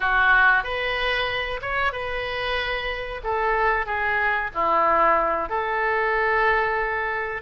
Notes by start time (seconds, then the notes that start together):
0.00 F#4
0.63 B4
1.61 C#5
1.92 B4
3.23 A4
3.86 G#4
4.54 E4
5.49 A4